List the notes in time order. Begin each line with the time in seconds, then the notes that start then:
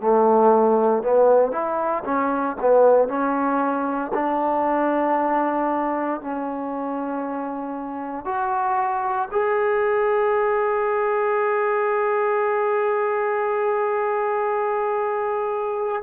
0.00 A3
1.03 B3
1.51 E4
2.04 C#4
2.61 B3
3.08 C#4
4.14 D4
6.21 C#4
8.25 F#4
9.31 G#4